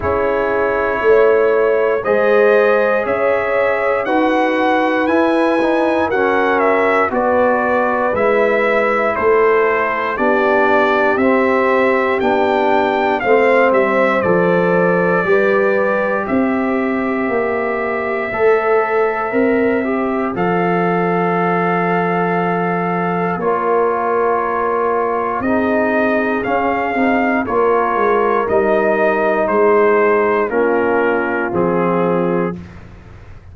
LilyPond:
<<
  \new Staff \with { instrumentName = "trumpet" } { \time 4/4 \tempo 4 = 59 cis''2 dis''4 e''4 | fis''4 gis''4 fis''8 e''8 d''4 | e''4 c''4 d''4 e''4 | g''4 f''8 e''8 d''2 |
e''1 | f''2. cis''4~ | cis''4 dis''4 f''4 cis''4 | dis''4 c''4 ais'4 gis'4 | }
  \new Staff \with { instrumentName = "horn" } { \time 4/4 gis'4 cis''4 c''4 cis''4 | b'2 ais'4 b'4~ | b'4 a'4 g'2~ | g'4 c''2 b'4 |
c''1~ | c''2. ais'4~ | ais'4 gis'2 ais'4~ | ais'4 gis'4 f'2 | }
  \new Staff \with { instrumentName = "trombone" } { \time 4/4 e'2 gis'2 | fis'4 e'8 dis'8 cis'4 fis'4 | e'2 d'4 c'4 | d'4 c'4 a'4 g'4~ |
g'2 a'4 ais'8 g'8 | a'2. f'4~ | f'4 dis'4 cis'8 dis'8 f'4 | dis'2 cis'4 c'4 | }
  \new Staff \with { instrumentName = "tuba" } { \time 4/4 cis'4 a4 gis4 cis'4 | dis'4 e'4 fis'4 b4 | gis4 a4 b4 c'4 | b4 a8 g8 f4 g4 |
c'4 ais4 a4 c'4 | f2. ais4~ | ais4 c'4 cis'8 c'8 ais8 gis8 | g4 gis4 ais4 f4 | }
>>